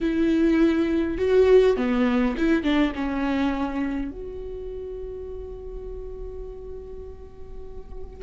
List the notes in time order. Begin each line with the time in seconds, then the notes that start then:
0.00 E4
1.18 F#4
1.76 B3
2.37 E4
2.63 D4
2.94 C#4
4.11 F#4